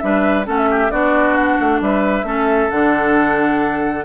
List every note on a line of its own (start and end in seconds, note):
0.00 0.48 G3
0.00 0.45 D4
0.00 0.47 B4
0.00 0.45 E5
0.45 0.92 A3
0.45 0.90 C#4
0.45 0.70 A4
0.45 0.58 F#5
0.58 0.91 E5
0.71 0.92 G4
0.91 1.59 B3
0.91 2.25 D4
0.91 1.81 F#4
0.91 1.35 D5
1.35 1.80 F#5
1.60 1.81 A3
1.81 2.24 G3
1.81 2.27 B4
1.81 2.71 E5
2.24 2.68 A3
2.24 2.70 C#4
2.24 4.06 A4
2.71 4.06 D3
2.71 4.05 D4
2.71 4.05 F#5